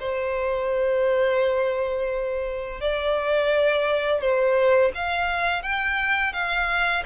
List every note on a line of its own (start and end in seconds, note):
0.00 2.81 C5
2.81 4.21 D5
4.21 4.92 C5
4.95 5.63 F5
5.63 6.33 G5
6.33 7.04 F5